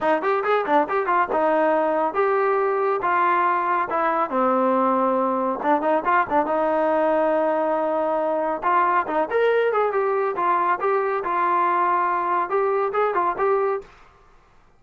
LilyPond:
\new Staff \with { instrumentName = "trombone" } { \time 4/4 \tempo 4 = 139 dis'8 g'8 gis'8 d'8 g'8 f'8 dis'4~ | dis'4 g'2 f'4~ | f'4 e'4 c'2~ | c'4 d'8 dis'8 f'8 d'8 dis'4~ |
dis'1 | f'4 dis'8 ais'4 gis'8 g'4 | f'4 g'4 f'2~ | f'4 g'4 gis'8 f'8 g'4 | }